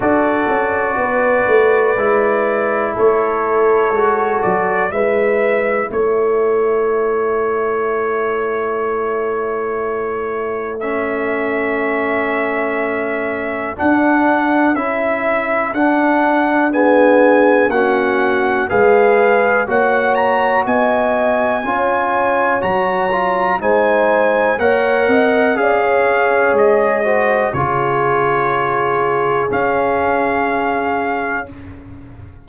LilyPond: <<
  \new Staff \with { instrumentName = "trumpet" } { \time 4/4 \tempo 4 = 61 d''2. cis''4~ | cis''8 d''8 e''4 cis''2~ | cis''2. e''4~ | e''2 fis''4 e''4 |
fis''4 gis''4 fis''4 f''4 | fis''8 ais''8 gis''2 ais''4 | gis''4 fis''4 f''4 dis''4 | cis''2 f''2 | }
  \new Staff \with { instrumentName = "horn" } { \time 4/4 a'4 b'2 a'4~ | a'4 b'4 a'2~ | a'1~ | a'1~ |
a'4 gis'4 fis'4 b'4 | cis''4 dis''4 cis''2 | c''4 cis''8 dis''8 d''16 cis''4~ cis''16 c''8 | gis'1 | }
  \new Staff \with { instrumentName = "trombone" } { \time 4/4 fis'2 e'2 | fis'4 e'2.~ | e'2. cis'4~ | cis'2 d'4 e'4 |
d'4 b4 cis'4 gis'4 | fis'2 f'4 fis'8 f'8 | dis'4 ais'4 gis'4. fis'8 | f'2 cis'2 | }
  \new Staff \with { instrumentName = "tuba" } { \time 4/4 d'8 cis'8 b8 a8 gis4 a4 | gis8 fis8 gis4 a2~ | a1~ | a2 d'4 cis'4 |
d'2 ais4 gis4 | ais4 b4 cis'4 fis4 | gis4 ais8 c'8 cis'4 gis4 | cis2 cis'2 | }
>>